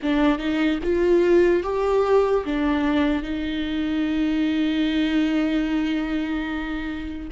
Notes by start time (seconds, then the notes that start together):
0.02 D4
0.38 D#4
0.83 F4
1.63 G4
2.44 D4
3.22 D#4